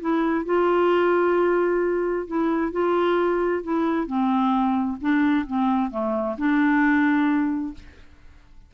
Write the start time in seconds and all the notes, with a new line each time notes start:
0.00 E4
0.45 F4
2.27 E4
2.72 F4
3.63 E4
4.07 C4
5.00 D4
5.47 C4
5.90 A3
6.37 D4